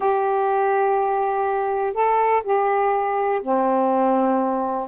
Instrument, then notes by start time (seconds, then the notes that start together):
saxophone
0.00 G4
1.93 A4
2.43 G4
3.42 C4